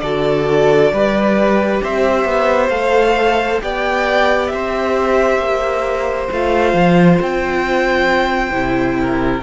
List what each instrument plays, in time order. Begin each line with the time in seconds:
0.00 cello D3, viola F#4, violin A4 D5
0.92 cello G3, viola G4, violin B4
1.83 cello C4, violin C5 E5
2.25 cello B3
2.69 cello A3, viola A4, violin F5
3.61 cello B3, viola G4, violin D5 G5
4.48 cello C4, violin E5
4.54 violin C5
5.39 cello A#3
6.32 cello A3, viola F4, violin F5
6.74 cello F3
7.22 cello C4, violin G5
8.51 cello C3, viola E4
9.01 violin A#4